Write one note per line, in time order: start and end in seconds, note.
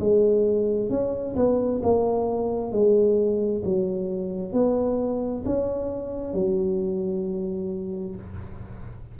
0.00 0.90 G#3
0.90 1.36 C#4
1.36 1.81 B3
1.83 2.72 A#3
2.72 3.63 G#3
3.64 4.53 F#3
4.53 5.44 B3
5.45 6.34 C#4
6.34 8.16 F#3